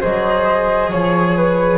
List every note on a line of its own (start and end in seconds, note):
0.00 0.92 F#3
0.00 1.77 G#4
0.00 0.90 C5
0.00 0.91 D#5
0.90 1.77 F3
0.90 1.35 C#5
0.90 1.77 C#5
1.36 1.77 B4